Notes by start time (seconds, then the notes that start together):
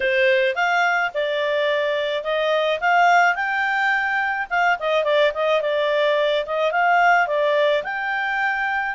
0.00 C5
0.55 F5
1.14 D5
2.23 D#5
2.80 F5
3.35 G5
4.49 F5
4.79 D#5
5.03 D5
5.33 D#5
5.61 D5
6.46 D#5
6.71 F5
7.27 D5
7.83 G5